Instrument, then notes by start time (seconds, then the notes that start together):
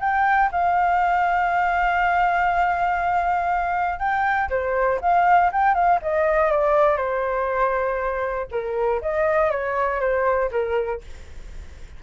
flute
0.00 G5
0.51 F5
3.99 G5
4.50 C5
5.01 F5
5.52 G5
5.74 F5
6.02 D#5
6.51 D5
6.97 C5
8.51 A#4
9.02 D#5
9.50 C#5
10.00 C5
10.51 A#4